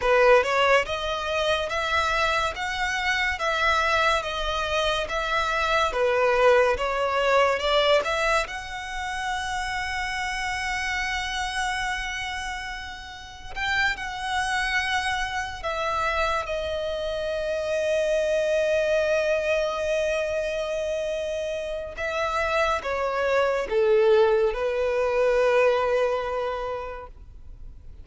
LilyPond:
\new Staff \with { instrumentName = "violin" } { \time 4/4 \tempo 4 = 71 b'8 cis''8 dis''4 e''4 fis''4 | e''4 dis''4 e''4 b'4 | cis''4 d''8 e''8 fis''2~ | fis''1 |
g''8 fis''2 e''4 dis''8~ | dis''1~ | dis''2 e''4 cis''4 | a'4 b'2. | }